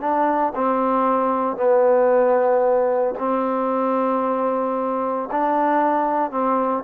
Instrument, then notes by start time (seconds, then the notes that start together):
trombone
0.00 D4
0.55 C4
1.56 B3
3.18 C4
5.31 D4
6.31 C4